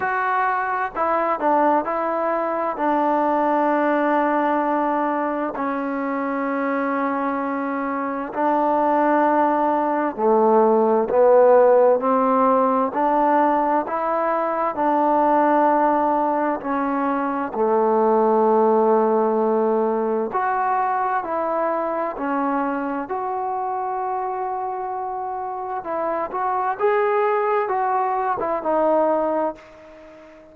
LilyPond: \new Staff \with { instrumentName = "trombone" } { \time 4/4 \tempo 4 = 65 fis'4 e'8 d'8 e'4 d'4~ | d'2 cis'2~ | cis'4 d'2 a4 | b4 c'4 d'4 e'4 |
d'2 cis'4 a4~ | a2 fis'4 e'4 | cis'4 fis'2. | e'8 fis'8 gis'4 fis'8. e'16 dis'4 | }